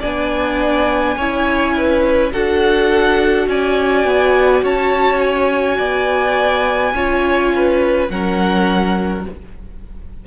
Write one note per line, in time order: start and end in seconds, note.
0.00 1.17 B3
0.00 1.19 D4
0.00 1.15 D5
0.00 2.33 G#5
1.17 2.32 C#4
1.17 2.32 E4
1.17 1.75 C#5
1.77 2.32 B4
2.32 3.47 D4
2.32 6.94 F#4
2.32 3.48 A4
2.32 3.48 F#5
3.47 4.05 C#4
3.47 4.64 D5
3.47 4.64 G#5
4.05 4.62 B3
4.63 5.78 C#4
4.63 5.78 C#5
4.63 5.21 A5
5.21 8.09 G#5
5.78 6.94 B3
5.78 6.93 D5
6.94 8.09 C#4
6.94 8.10 F4
6.94 7.53 C#5
7.56 8.12 B4
8.10 9.25 F#3
8.10 9.25 C#4
8.10 9.27 A#4
8.10 9.25 F#5